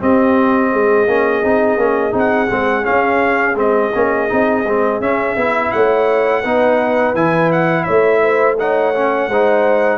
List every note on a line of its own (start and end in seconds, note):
0.00 1.07 C4
0.00 0.73 C4
0.00 0.71 G4
0.00 2.16 D#5
0.71 1.07 G#3
0.71 5.71 G#4
1.07 1.43 A#3
1.07 1.43 C#4
1.43 1.77 C4
1.43 1.78 D#4
1.77 2.12 A#3
1.77 2.11 C#4
2.11 2.49 C4
2.11 2.47 D#4
2.18 2.85 F#5
2.50 2.87 G#3
2.50 2.83 C4
2.83 3.54 C#4
2.83 3.55 C#4
2.83 3.56 F5
3.55 3.91 G#3
3.55 3.92 C4
3.55 5.01 D#5
3.95 4.30 A#3
3.95 4.29 C#4
4.29 4.64 C4
4.29 4.64 D#4
4.64 5.00 G#3
4.64 5.01 C4
5.00 5.36 C#4
5.00 5.37 C#4
5.00 5.72 E5
5.36 5.72 B3
5.36 6.44 E4
5.72 6.45 A3
5.72 6.41 C#5
5.72 7.15 F#5
6.41 7.14 B3
6.41 7.15 D#4
6.41 7.84 B4
7.14 7.85 E3
7.14 8.58 E4
7.14 7.51 G#5
7.52 7.83 F#5
7.83 9.28 A3
7.83 8.20 C#5
7.83 8.55 E5
8.22 8.58 C5
8.58 8.94 D#4
8.58 9.29 C#5
8.58 9.98 F#5
8.94 9.30 C#4
9.28 9.98 G#3
9.28 9.98 D#4
9.28 9.98 C5